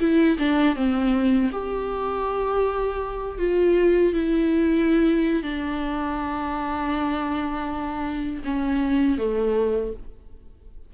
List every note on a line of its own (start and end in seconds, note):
0.00 0.38 E4
0.39 0.76 D4
0.76 1.51 C4
1.52 3.39 G4
3.39 4.14 F4
4.14 5.43 E4
5.43 8.43 D4
8.44 9.18 C#4
9.18 9.93 A3